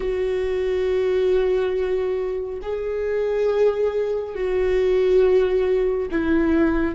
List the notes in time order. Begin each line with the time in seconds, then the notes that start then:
0.00 F#4
2.61 G#4
4.34 F#4
6.11 E4